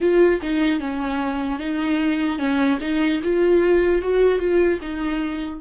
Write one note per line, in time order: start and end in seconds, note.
0.00 0.40 F4
0.41 0.80 D#4
0.80 1.59 C#4
1.59 2.39 D#4
2.39 2.79 C#4
2.80 3.20 D#4
3.23 4.01 F4
4.01 4.39 F#4
4.39 4.79 F4
4.81 5.60 D#4